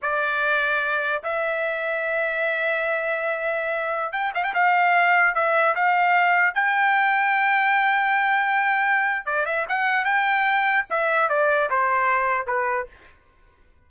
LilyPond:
\new Staff \with { instrumentName = "trumpet" } { \time 4/4 \tempo 4 = 149 d''2. e''4~ | e''1~ | e''2~ e''16 g''8 f''16 g''16 f''8.~ | f''4~ f''16 e''4 f''4.~ f''16~ |
f''16 g''2.~ g''8.~ | g''2. d''8 e''8 | fis''4 g''2 e''4 | d''4 c''2 b'4 | }